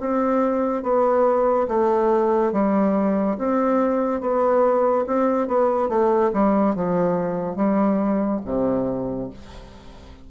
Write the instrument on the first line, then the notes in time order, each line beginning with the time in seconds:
bassoon
0.00 C4
0.83 B3
1.68 A3
2.52 G3
3.38 C4
4.21 B3
5.07 C4
5.47 B3
5.88 A3
6.33 G3
6.75 F3
7.56 G3
8.45 C3